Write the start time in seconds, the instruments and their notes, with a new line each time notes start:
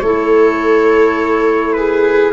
0.00 tuba A3, clarinet E4, viola A4, trumpet C#5
1.73 viola G#4, trumpet B4